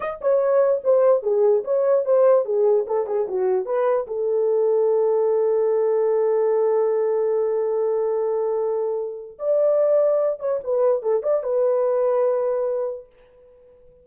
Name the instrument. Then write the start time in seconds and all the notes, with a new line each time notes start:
horn
0.00 D#5
0.21 C#5
0.83 C5
1.22 G#4
1.64 C#5
2.05 C5
2.45 G#4
2.86 A4
3.06 G#4
3.27 F#4
3.65 B4
4.07 A4
9.38 D5
10.39 C#5
10.63 B4
11.02 A4
11.22 D5
11.43 B4